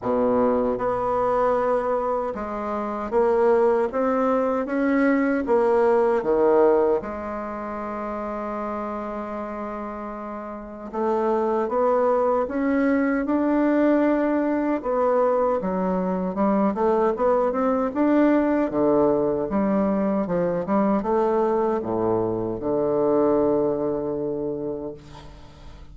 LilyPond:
\new Staff \with { instrumentName = "bassoon" } { \time 4/4 \tempo 4 = 77 b,4 b2 gis4 | ais4 c'4 cis'4 ais4 | dis4 gis2.~ | gis2 a4 b4 |
cis'4 d'2 b4 | fis4 g8 a8 b8 c'8 d'4 | d4 g4 f8 g8 a4 | a,4 d2. | }